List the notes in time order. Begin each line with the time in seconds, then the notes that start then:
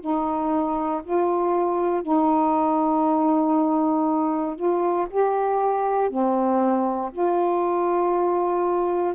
0.00 D#4
1.04 F4
2.02 D#4
4.56 F4
5.10 G4
6.10 C4
7.12 F4